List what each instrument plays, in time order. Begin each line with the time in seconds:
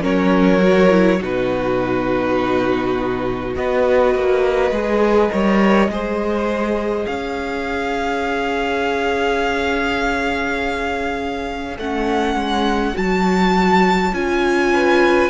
0.00 cello F#3, viola C#4, violin A#4 C#5
0.59 viola F#4
0.90 viola E4
1.20 cello B2, viola D#4, violin F#4 B4
3.55 cello B3, viola F#4, violin B4 D#5
4.15 cello A#3
4.71 cello G#3, viola G#4
5.30 cello G3, viola A#4, violin C#5
5.88 cello G#3, viola G#4, violin C5
7.06 cello C#4, violin C#5 F5
11.77 cello A3, viola C#4, violin F#5
12.35 cello G#3
12.94 cello F#3, viola F#4, violin A5
14.13 cello C#4, viola F4, violin G#5
14.73 violin B4